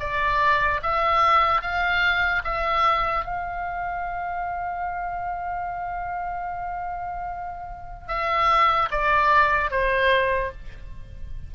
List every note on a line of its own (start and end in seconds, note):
0.00 0.81 D5
0.83 1.62 E5
1.62 2.43 F5
2.45 3.25 E5
3.25 8.08 F5
8.08 8.89 E5
8.91 9.71 D5
9.71 10.52 C5